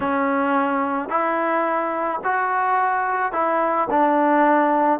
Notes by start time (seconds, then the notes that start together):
0.00 C#4
1.09 E4
2.24 F#4
3.32 E4
3.90 D4